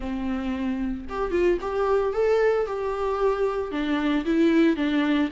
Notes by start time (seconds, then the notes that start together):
0.00 C4
1.09 G4
1.31 F4
1.61 G4
2.13 A4
2.66 G4
3.71 D4
4.25 E4
4.76 D4